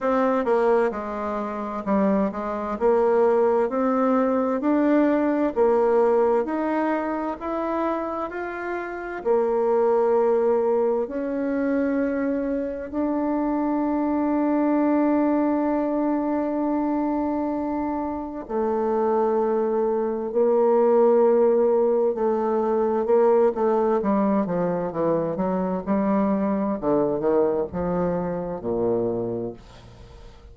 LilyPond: \new Staff \with { instrumentName = "bassoon" } { \time 4/4 \tempo 4 = 65 c'8 ais8 gis4 g8 gis8 ais4 | c'4 d'4 ais4 dis'4 | e'4 f'4 ais2 | cis'2 d'2~ |
d'1 | a2 ais2 | a4 ais8 a8 g8 f8 e8 fis8 | g4 d8 dis8 f4 ais,4 | }